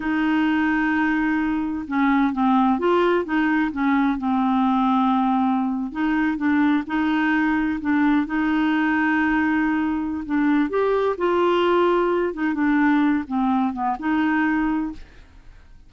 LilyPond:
\new Staff \with { instrumentName = "clarinet" } { \time 4/4 \tempo 4 = 129 dis'1 | cis'4 c'4 f'4 dis'4 | cis'4 c'2.~ | c'8. dis'4 d'4 dis'4~ dis'16~ |
dis'8. d'4 dis'2~ dis'16~ | dis'2 d'4 g'4 | f'2~ f'8 dis'8 d'4~ | d'8 c'4 b8 dis'2 | }